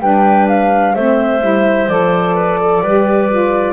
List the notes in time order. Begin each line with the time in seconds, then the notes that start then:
0.00 G3 D4 B4 G5
0.48 F5
0.94 A3 C4 C5 E5
1.41 G3 E4
1.89 F3 A4 D5
2.35 B4
2.61 A4
2.81 G3 G4 B4
3.30 F4